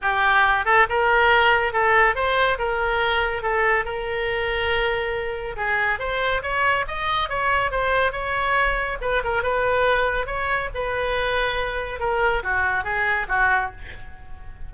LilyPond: \new Staff \with { instrumentName = "oboe" } { \time 4/4 \tempo 4 = 140 g'4. a'8 ais'2 | a'4 c''4 ais'2 | a'4 ais'2.~ | ais'4 gis'4 c''4 cis''4 |
dis''4 cis''4 c''4 cis''4~ | cis''4 b'8 ais'8 b'2 | cis''4 b'2. | ais'4 fis'4 gis'4 fis'4 | }